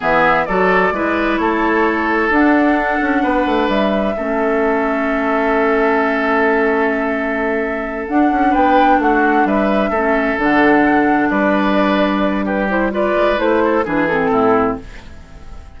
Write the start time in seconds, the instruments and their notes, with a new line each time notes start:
0.00 bassoon E3, clarinet B3, oboe G#4, flute E5
0.45 bassoon F#3, clarinet F#4, oboe A4, flute D5
0.91 bassoon G#3, clarinet E4, oboe B4
1.37 bassoon A3, oboe A4, flute C#5
2.29 bassoon D4, clarinet D4, flute F#5
3.01 bassoon C#4
3.22 bassoon B3, oboe B4
3.46 bassoon A3
3.68 bassoon G3, flute E5
4.16 bassoon A3, clarinet C#4, oboe A4
8.08 bassoon D4, clarinet D4, flute F#5
8.31 bassoon C#4
8.50 bassoon B3, oboe B4, flute G5
8.98 bassoon A3, oboe F#4, flute F#5
9.45 bassoon G3, oboe B4, flute E5
9.90 bassoon A3, clarinet C#4, oboe A4
10.38 bassoon D3, clarinet D4, flute F#5
11.29 bassoon G3, oboe B4, flute D5
12.45 oboe G4, flute B4
12.68 clarinet E4, flute C5
12.91 clarinet F4, oboe B4, flute D5
13.15 bassoon G#3
13.36 bassoon A3, clarinet E4, flute C5
13.64 oboe A4
13.84 bassoon E3, clarinet D4, oboe G#4, flute B4
14.07 clarinet C4, flute A4
14.30 bassoon A2, oboe E4